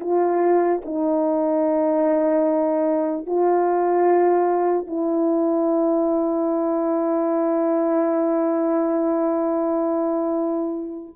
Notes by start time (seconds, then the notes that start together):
0.00 F4
0.85 D#4
3.26 F4
4.87 E4